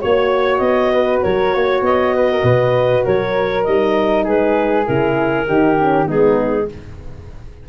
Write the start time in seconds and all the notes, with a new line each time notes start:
0.00 A#3 F#4 C#5
0.58 B3 D#5
0.93 B4
1.22 F#3 A#4 C#5
1.54 A#3 C#5
1.81 B3 D#5
2.15 B4
2.31 A#4
2.43 B2 B4
3.04 F#3 A#4 C#5
3.64 G3 D#4 D#5
4.24 G#3 G#4 B4
4.86 C#3 E4 A#4
5.47 D#3 D#4 G4
5.79 C#4
6.05 G#3 B3 D#4 G#4